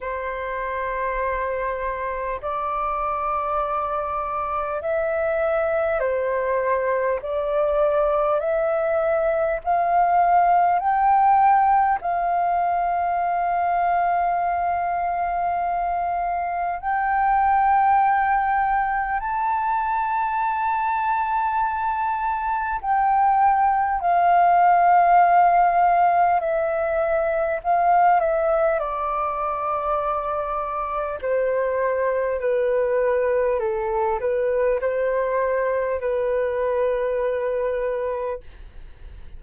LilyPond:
\new Staff \with { instrumentName = "flute" } { \time 4/4 \tempo 4 = 50 c''2 d''2 | e''4 c''4 d''4 e''4 | f''4 g''4 f''2~ | f''2 g''2 |
a''2. g''4 | f''2 e''4 f''8 e''8 | d''2 c''4 b'4 | a'8 b'8 c''4 b'2 | }